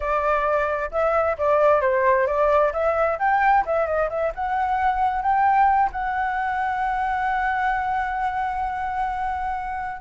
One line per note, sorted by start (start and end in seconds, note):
0.00 0.90 D5
0.91 1.36 E5
1.38 1.81 D5
1.81 2.26 C5
2.26 2.72 D5
2.73 3.18 E5
3.18 3.64 G5
3.65 3.86 E5
3.86 4.09 D#5
4.09 4.32 E5
4.34 5.21 F#5
5.21 5.90 G5
5.92 10.01 F#5